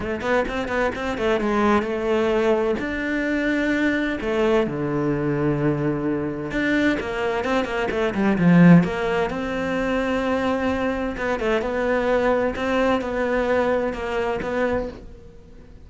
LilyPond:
\new Staff \with { instrumentName = "cello" } { \time 4/4 \tempo 4 = 129 a8 b8 c'8 b8 c'8 a8 gis4 | a2 d'2~ | d'4 a4 d2~ | d2 d'4 ais4 |
c'8 ais8 a8 g8 f4 ais4 | c'1 | b8 a8 b2 c'4 | b2 ais4 b4 | }